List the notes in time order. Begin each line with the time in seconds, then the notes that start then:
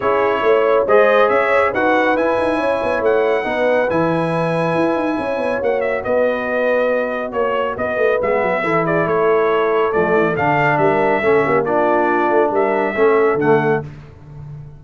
0.00 C#4 E4 G#4 C#5
0.41 A3 C#5
0.86 G#3 G#4 C5 D#5
1.28 C#4 C#5 E5
1.71 D#4 F#4 B4 F#5
2.16 E4 G#5
2.38 D#4
2.56 C#4 C#5
2.82 B3
3.00 A3 F#5
3.43 B3 D#4 B4
3.89 E3 E4 G#5
4.74 E4
4.95 D#4
5.18 C#4 C#5
5.37 B3
5.61 A#3 F#4 F#5
5.80 E5
6.04 B3 B4 D#5
7.31 A#3 C#5
7.76 B3 B4 D#5
7.96 A3
8.22 G#3 B3 E5
8.42 F#3
8.63 E3 E4 A4
8.85 G#4 D5
9.04 A3 A4 C#5
9.92 F3 A3 D5
10.13 E3
10.36 D3 D4 F5
10.77 G3 A#4 E5
11.21 A3 C#4 A4
11.43 A#3 G4
11.64 D4 F4 D5
12.29 A3
12.51 G3 A#4 E5
12.95 A3 C#4 A4
13.34 D3 A3 F#5